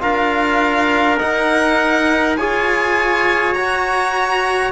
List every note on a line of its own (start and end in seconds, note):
0.00 1.21 D4
0.00 1.18 F4
0.00 2.38 A#4
0.00 1.19 F5
1.19 2.37 D#4
1.19 2.40 D#4
1.19 2.37 F#5
2.37 3.55 F4
2.37 3.56 G#4
2.37 4.73 C#5
2.37 3.54 G#5
3.54 4.73 F#4
3.54 4.72 A#5